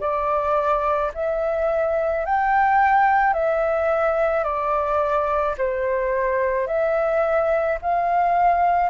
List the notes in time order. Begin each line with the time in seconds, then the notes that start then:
0.00 D5
1.14 E5
2.25 G5
3.33 E5
4.43 D5
5.58 C5
6.67 E5
7.81 F5